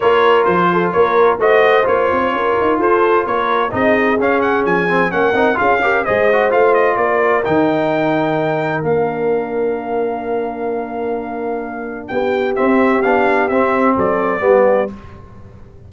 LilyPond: <<
  \new Staff \with { instrumentName = "trumpet" } { \time 4/4 \tempo 4 = 129 cis''4 c''4 cis''4 dis''4 | cis''2 c''4 cis''4 | dis''4 f''8 fis''8 gis''4 fis''4 | f''4 dis''4 f''8 dis''8 d''4 |
g''2. f''4~ | f''1~ | f''2 g''4 e''4 | f''4 e''4 d''2 | }
  \new Staff \with { instrumentName = "horn" } { \time 4/4 ais'4. a'8 ais'4 c''4~ | c''4 ais'4 a'4 ais'4 | gis'2. ais'4 | gis'8 ais'8 c''2 ais'4~ |
ais'1~ | ais'1~ | ais'2 g'2~ | g'2 a'4 g'4 | }
  \new Staff \with { instrumentName = "trombone" } { \time 4/4 f'2. fis'4 | f'1 | dis'4 cis'4. c'8 cis'8 dis'8 | f'8 g'8 gis'8 fis'8 f'2 |
dis'2. d'4~ | d'1~ | d'2. c'4 | d'4 c'2 b4 | }
  \new Staff \with { instrumentName = "tuba" } { \time 4/4 ais4 f4 ais4 a4 | ais8 c'8 cis'8 dis'8 f'4 ais4 | c'4 cis'4 f4 ais8 c'8 | cis'4 gis4 a4 ais4 |
dis2. ais4~ | ais1~ | ais2 b4 c'4 | b4 c'4 fis4 g4 | }
>>